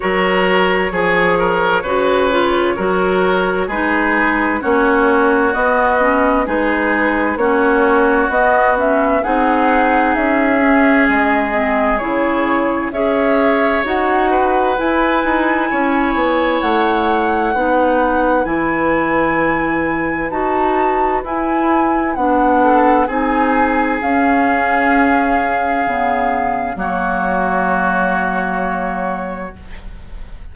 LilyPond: <<
  \new Staff \with { instrumentName = "flute" } { \time 4/4 \tempo 4 = 65 cis''1 | b'4 cis''4 dis''4 b'4 | cis''4 dis''8 e''8 fis''4 e''4 | dis''4 cis''4 e''4 fis''4 |
gis''2 fis''2 | gis''2 a''4 gis''4 | fis''4 gis''4 f''2~ | f''4 cis''2. | }
  \new Staff \with { instrumentName = "oboe" } { \time 4/4 ais'4 gis'8 ais'8 b'4 ais'4 | gis'4 fis'2 gis'4 | fis'2 gis'2~ | gis'2 cis''4. b'8~ |
b'4 cis''2 b'4~ | b'1~ | b'8 a'8 gis'2.~ | gis'4 fis'2. | }
  \new Staff \with { instrumentName = "clarinet" } { \time 4/4 fis'4 gis'4 fis'8 f'8 fis'4 | dis'4 cis'4 b8 cis'8 dis'4 | cis'4 b8 cis'8 dis'4. cis'8~ | cis'8 c'8 e'4 gis'4 fis'4 |
e'2. dis'4 | e'2 fis'4 e'4 | d'4 dis'4 cis'2 | b4 ais2. | }
  \new Staff \with { instrumentName = "bassoon" } { \time 4/4 fis4 f4 cis4 fis4 | gis4 ais4 b4 gis4 | ais4 b4 c'4 cis'4 | gis4 cis4 cis'4 dis'4 |
e'8 dis'8 cis'8 b8 a4 b4 | e2 dis'4 e'4 | b4 c'4 cis'2 | cis4 fis2. | }
>>